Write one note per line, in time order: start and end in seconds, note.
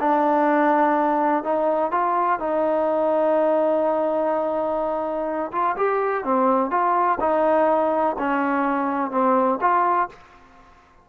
0.00 1.44 D4
1.44 1.92 D#4
1.92 2.40 F4
2.40 5.52 D#4
5.52 5.76 F4
5.77 6.24 G4
6.24 6.71 C4
6.71 7.19 F4
7.20 8.16 D#4
8.19 9.11 C#4
9.11 9.59 C4
9.61 10.09 F4